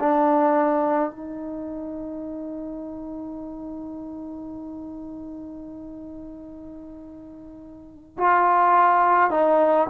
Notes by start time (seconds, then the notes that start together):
0.00 D4
1.11 D#4
8.18 F4
9.31 D#4